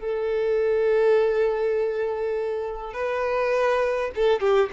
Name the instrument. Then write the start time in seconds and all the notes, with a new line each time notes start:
violin
0.00 A4
2.94 B4
4.16 A4
4.41 G4